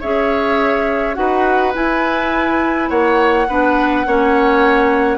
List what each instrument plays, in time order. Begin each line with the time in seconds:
0.00 bassoon C#4, clarinet G#4, oboe C#5, flute E5
1.14 bassoon D#4, clarinet F#4, oboe B4, flute F#5
1.73 clarinet E4, bassoon E4, flute G#5
2.89 bassoon A#3, oboe C#5, flute F#5
3.48 bassoon B3, clarinet D4, oboe B4
4.05 bassoon A#3, clarinet C#4, oboe C#5